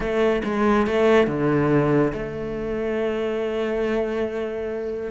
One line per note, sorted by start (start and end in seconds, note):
0.00 0.42 A3
0.44 0.86 G#3
0.86 1.27 A3
1.27 2.12 D3
2.12 5.10 A3